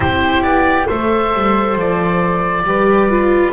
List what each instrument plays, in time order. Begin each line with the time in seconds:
0.00 double bass C4, viola E4, flute G4, oboe C5
0.42 double bass B3, oboe D5
0.87 double bass A3, viola A4, flute C5, oboe E5
1.33 double bass G3
1.75 double bass F3, oboe D5
2.64 double bass G3, viola G4, flute B4
3.09 viola F4